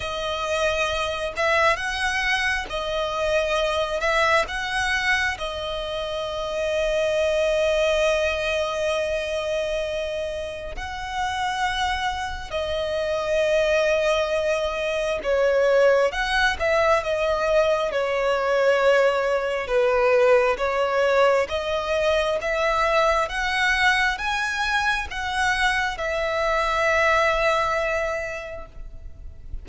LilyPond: \new Staff \with { instrumentName = "violin" } { \time 4/4 \tempo 4 = 67 dis''4. e''8 fis''4 dis''4~ | dis''8 e''8 fis''4 dis''2~ | dis''1 | fis''2 dis''2~ |
dis''4 cis''4 fis''8 e''8 dis''4 | cis''2 b'4 cis''4 | dis''4 e''4 fis''4 gis''4 | fis''4 e''2. | }